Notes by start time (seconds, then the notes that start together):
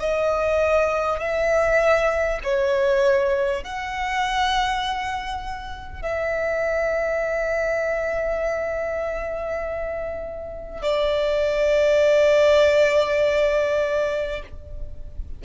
0.00 D#5
1.20 E5
2.44 C#5
3.64 F#5
6.02 E5
10.82 D5